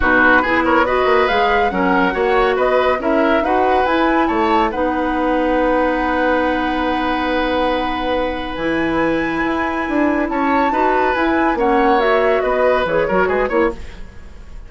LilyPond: <<
  \new Staff \with { instrumentName = "flute" } { \time 4/4 \tempo 4 = 140 b'4. cis''8 dis''4 f''4 | fis''2 dis''4 e''4 | fis''4 gis''4 a''4 fis''4~ | fis''1~ |
fis''1 | gis''1 | a''2 gis''4 fis''4 | e''4 dis''4 cis''4 b'8 cis''8 | }
  \new Staff \with { instrumentName = "oboe" } { \time 4/4 fis'4 gis'8 ais'8 b'2 | ais'4 cis''4 b'4 ais'4 | b'2 cis''4 b'4~ | b'1~ |
b'1~ | b'1 | cis''4 b'2 cis''4~ | cis''4 b'4. ais'8 gis'8 cis''8 | }
  \new Staff \with { instrumentName = "clarinet" } { \time 4/4 dis'4 e'4 fis'4 gis'4 | cis'4 fis'2 e'4 | fis'4 e'2 dis'4~ | dis'1~ |
dis'1 | e'1~ | e'4 fis'4 e'4 cis'4 | fis'2 gis'8 fis'4 e'8 | }
  \new Staff \with { instrumentName = "bassoon" } { \time 4/4 b,4 b4. ais8 gis4 | fis4 ais4 b4 cis'4 | dis'4 e'4 a4 b4~ | b1~ |
b1 | e2 e'4 d'4 | cis'4 dis'4 e'4 ais4~ | ais4 b4 e8 fis8 gis8 ais8 | }
>>